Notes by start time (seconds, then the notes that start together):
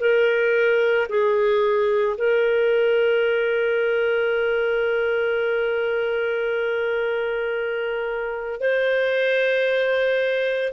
0.00 A#4
1.09 G#4
2.17 A#4
8.60 C5